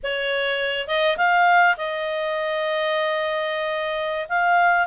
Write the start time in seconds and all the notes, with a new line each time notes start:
0.03 C#5
0.87 D#5
1.17 F5
1.77 D#5
4.28 F5